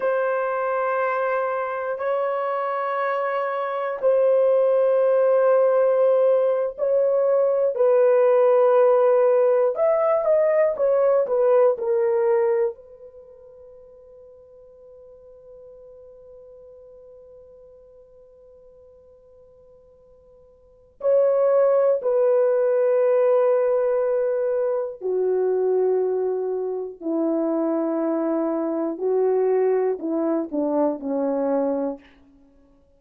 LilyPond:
\new Staff \with { instrumentName = "horn" } { \time 4/4 \tempo 4 = 60 c''2 cis''2 | c''2~ c''8. cis''4 b'16~ | b'4.~ b'16 e''8 dis''8 cis''8 b'8 ais'16~ | ais'8. b'2.~ b'16~ |
b'1~ | b'4 cis''4 b'2~ | b'4 fis'2 e'4~ | e'4 fis'4 e'8 d'8 cis'4 | }